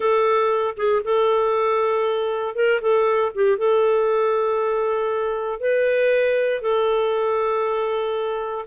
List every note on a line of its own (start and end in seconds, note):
0.00 0.74 A4
0.77 1.02 G#4
1.04 2.55 A4
2.55 2.80 A#4
2.81 3.32 A4
3.34 3.57 G4
3.57 5.59 A4
5.59 6.61 B4
6.61 8.65 A4